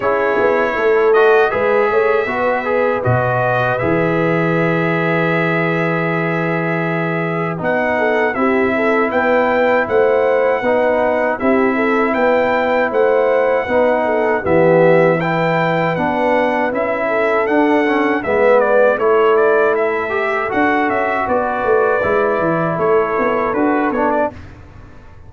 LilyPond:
<<
  \new Staff \with { instrumentName = "trumpet" } { \time 4/4 \tempo 4 = 79 cis''4. dis''8 e''2 | dis''4 e''2.~ | e''2 fis''4 e''4 | g''4 fis''2 e''4 |
g''4 fis''2 e''4 | g''4 fis''4 e''4 fis''4 | e''8 d''8 cis''8 d''8 e''4 fis''8 e''8 | d''2 cis''4 b'8 cis''16 d''16 | }
  \new Staff \with { instrumentName = "horn" } { \time 4/4 gis'4 a'4 b'8 cis''8 b'4~ | b'1~ | b'2~ b'8 a'8 g'8 a'8 | b'4 c''4 b'4 g'8 a'8 |
b'4 c''4 b'8 a'8 g'4 | b'2~ b'8 a'4. | b'4 a'2. | b'2 a'2 | }
  \new Staff \with { instrumentName = "trombone" } { \time 4/4 e'4. fis'8 gis'4 fis'8 gis'8 | fis'4 gis'2.~ | gis'2 dis'4 e'4~ | e'2 dis'4 e'4~ |
e'2 dis'4 b4 | e'4 d'4 e'4 d'8 cis'8 | b4 e'4. g'8 fis'4~ | fis'4 e'2 fis'8 d'8 | }
  \new Staff \with { instrumentName = "tuba" } { \time 4/4 cis'8 b8 a4 gis8 a8 b4 | b,4 e2.~ | e2 b4 c'4 | b4 a4 b4 c'4 |
b4 a4 b4 e4~ | e4 b4 cis'4 d'4 | gis4 a2 d'8 cis'8 | b8 a8 gis8 e8 a8 b8 d'8 b8 | }
>>